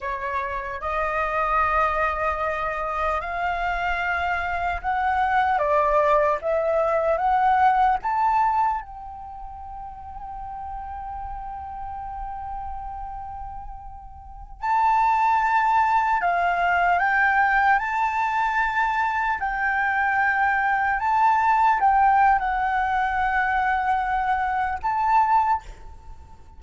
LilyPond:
\new Staff \with { instrumentName = "flute" } { \time 4/4 \tempo 4 = 75 cis''4 dis''2. | f''2 fis''4 d''4 | e''4 fis''4 a''4 g''4~ | g''1~ |
g''2~ g''16 a''4.~ a''16~ | a''16 f''4 g''4 a''4.~ a''16~ | a''16 g''2 a''4 g''8. | fis''2. a''4 | }